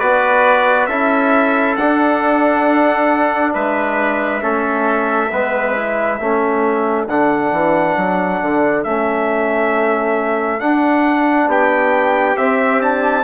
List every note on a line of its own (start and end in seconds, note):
0.00 0.88 B3
0.00 0.90 F#4
0.00 0.88 B4
0.00 0.87 D5
0.87 1.76 C#4
0.87 1.78 E4
0.87 3.54 A4
0.87 1.75 E5
1.77 3.55 D4
1.77 4.41 D4
1.77 3.53 F#5
3.54 4.42 G#3
3.54 4.42 B4
3.54 7.08 E5
4.41 5.31 A3
4.41 5.30 C#4
4.41 5.31 A4
5.32 6.20 G#3
5.32 5.76 B3
5.32 6.20 B4
5.76 6.20 E4
6.20 7.08 A3
6.20 7.08 C#4
6.20 11.49 A4
7.08 7.52 D3
7.08 8.86 D4
7.08 8.84 F#5
7.52 7.97 E3
7.97 8.41 F#3
8.42 8.85 D3
8.84 10.62 A3
8.84 10.60 C#4
8.84 10.60 E5
10.60 12.37 D4
10.60 11.48 D4
10.60 11.49 F#5
11.48 12.36 B3
11.48 13.24 G4
11.48 12.37 G5
12.37 12.80 C4
12.37 13.24 C4
12.37 12.81 E5
12.80 13.24 D4
12.80 13.24 A5